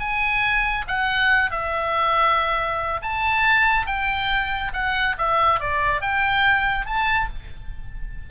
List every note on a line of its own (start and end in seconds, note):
0.00 0.86 G#5
0.88 1.52 F#5
1.52 3.02 E5
3.03 3.87 A5
3.87 4.72 G5
4.74 5.16 F#5
5.19 5.61 E5
5.61 6.02 D5
6.02 6.86 G5
6.86 7.29 A5